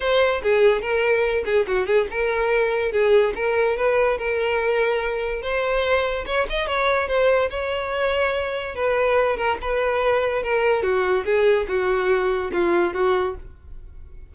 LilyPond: \new Staff \with { instrumentName = "violin" } { \time 4/4 \tempo 4 = 144 c''4 gis'4 ais'4. gis'8 | fis'8 gis'8 ais'2 gis'4 | ais'4 b'4 ais'2~ | ais'4 c''2 cis''8 dis''8 |
cis''4 c''4 cis''2~ | cis''4 b'4. ais'8 b'4~ | b'4 ais'4 fis'4 gis'4 | fis'2 f'4 fis'4 | }